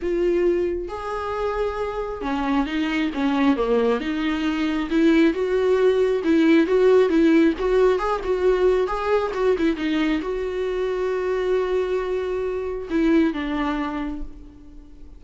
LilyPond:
\new Staff \with { instrumentName = "viola" } { \time 4/4 \tempo 4 = 135 f'2 gis'2~ | gis'4 cis'4 dis'4 cis'4 | ais4 dis'2 e'4 | fis'2 e'4 fis'4 |
e'4 fis'4 gis'8 fis'4. | gis'4 fis'8 e'8 dis'4 fis'4~ | fis'1~ | fis'4 e'4 d'2 | }